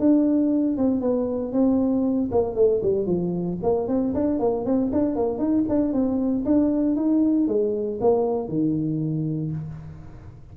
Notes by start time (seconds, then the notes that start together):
0.00 D4
0.78 C4
1.01 B3
1.53 C4
2.32 A#3
2.56 A3
2.83 G3
3.07 F3
3.63 A#3
3.88 C4
4.14 D4
4.40 A#3
4.66 C4
4.93 D4
5.16 A#3
5.39 D#4
5.69 D4
5.93 C4
6.46 D4
6.96 D#4
7.48 G#3
8.01 A#3
8.49 D#3